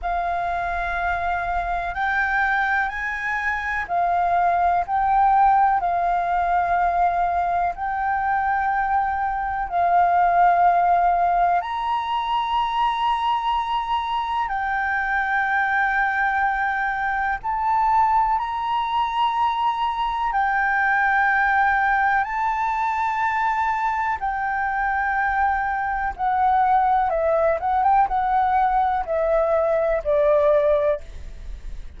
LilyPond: \new Staff \with { instrumentName = "flute" } { \time 4/4 \tempo 4 = 62 f''2 g''4 gis''4 | f''4 g''4 f''2 | g''2 f''2 | ais''2. g''4~ |
g''2 a''4 ais''4~ | ais''4 g''2 a''4~ | a''4 g''2 fis''4 | e''8 fis''16 g''16 fis''4 e''4 d''4 | }